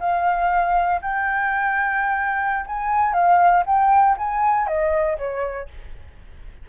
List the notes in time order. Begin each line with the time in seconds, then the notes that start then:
0.00 F5
1.02 G5
2.67 G#5
3.13 F5
3.66 G5
4.18 G#5
4.67 D#5
5.18 C#5